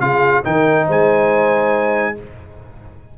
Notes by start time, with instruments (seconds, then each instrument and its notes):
0.00 tuba C#3, trombone F4, horn G#4, trumpet F5
0.44 tuba D#3, trombone D#4, horn A#4, trumpet G5
0.87 tuba G#3, horn C5, trumpet G#5